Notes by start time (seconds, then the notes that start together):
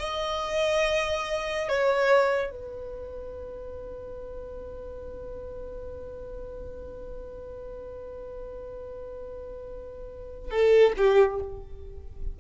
0.00 D#5
1.69 C#5
2.51 B4
10.51 A4
10.98 G4